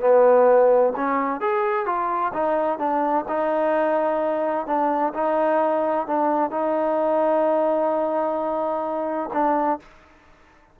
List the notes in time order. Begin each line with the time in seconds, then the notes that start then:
0.00 B3
0.96 C#4
1.40 G#4
1.85 F4
2.33 D#4
2.78 D4
3.28 D#4
4.66 D4
5.13 D#4
6.07 D4
6.50 D#4
9.33 D4